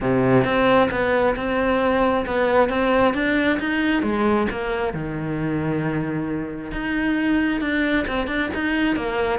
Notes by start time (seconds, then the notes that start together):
0.00 C3
0.44 C4
0.90 B3
1.36 C4
2.26 B3
2.69 C4
3.14 D4
3.59 D#4
4.02 G#3
4.51 A#3
4.93 D#3
6.71 D#4
7.60 D4
8.07 C4
8.27 D4
8.54 D#4
8.96 A#3